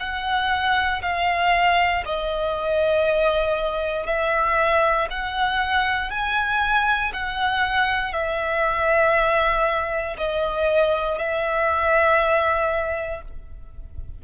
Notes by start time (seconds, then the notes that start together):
0.00 F#5
1.02 F5
2.06 D#5
4.06 E5
5.10 F#5
6.10 G#5
7.13 F#5
8.13 E5
10.17 D#5
11.18 E5